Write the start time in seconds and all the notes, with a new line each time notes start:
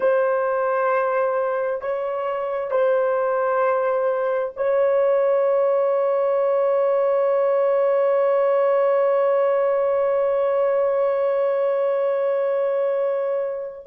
0.00 C5
1.81 C#5
2.70 C5
4.56 C#5